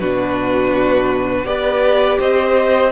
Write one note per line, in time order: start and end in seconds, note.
0.00 1.45 B2
0.00 1.46 D4
0.00 1.47 F#4
0.00 1.46 B4
1.45 2.18 B3
1.45 2.92 G4
1.45 2.19 B4
1.45 2.20 D5
2.19 2.92 C4
2.19 2.92 C5
2.19 2.92 D#5